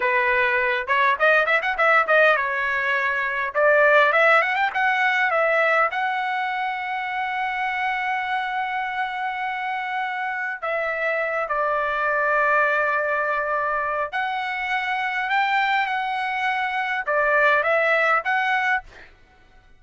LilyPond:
\new Staff \with { instrumentName = "trumpet" } { \time 4/4 \tempo 4 = 102 b'4. cis''8 dis''8 e''16 fis''16 e''8 dis''8 | cis''2 d''4 e''8 fis''16 g''16 | fis''4 e''4 fis''2~ | fis''1~ |
fis''2 e''4. d''8~ | d''1 | fis''2 g''4 fis''4~ | fis''4 d''4 e''4 fis''4 | }